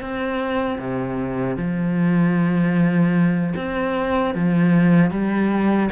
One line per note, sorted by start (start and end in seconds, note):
0.00 0.78 C4
0.78 1.56 C3
1.56 3.53 F3
3.55 4.34 C4
4.34 5.10 F3
5.10 5.89 G3